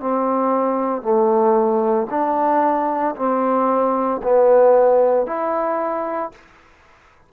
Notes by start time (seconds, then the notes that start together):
0.00 C4
1.02 A3
2.10 D4
3.16 C4
4.23 B3
5.26 E4